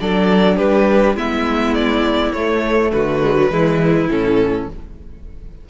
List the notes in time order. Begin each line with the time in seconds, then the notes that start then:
0.00 F#3 D4 A4 D5
0.56 G3 G4 B4
1.15 G#3 B3 E4 E5
1.75 D5
2.32 A3 C#5
2.92 D3 F#4 B4
3.24 G#3
3.36 F#3
3.50 E3 G#3 E4
4.08 A2 C#4 A4